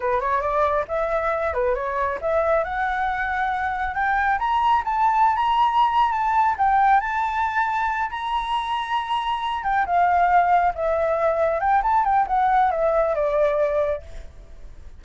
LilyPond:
\new Staff \with { instrumentName = "flute" } { \time 4/4 \tempo 4 = 137 b'8 cis''8 d''4 e''4. b'8 | cis''4 e''4 fis''2~ | fis''4 g''4 ais''4 a''4~ | a''16 ais''4.~ ais''16 a''4 g''4 |
a''2~ a''8 ais''4.~ | ais''2 g''8 f''4.~ | f''8 e''2 g''8 a''8 g''8 | fis''4 e''4 d''2 | }